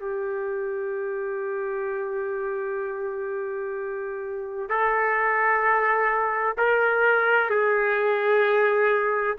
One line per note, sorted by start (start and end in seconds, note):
0.00 4.69 G4
4.69 6.57 A4
6.58 7.50 A#4
7.50 9.37 G#4